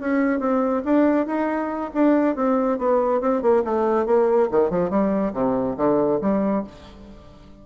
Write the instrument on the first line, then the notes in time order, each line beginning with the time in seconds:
bassoon
0.00 C#4
0.40 C4
0.85 D4
1.26 D#4
1.94 D4
2.36 C4
2.79 B3
3.21 C4
3.42 A#3
3.64 A3
4.06 A#3
4.51 D#3
4.70 F3
4.90 G3
5.33 C3
5.77 D3
6.21 G3